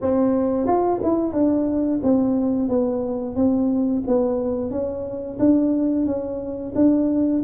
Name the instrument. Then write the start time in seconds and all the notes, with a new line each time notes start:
tuba
0.01 C4
0.66 F4
1.03 E4
1.32 D4
2.03 C4
2.68 B3
3.35 C4
4.07 B3
4.70 C#4
5.39 D4
6.06 C#4
6.75 D4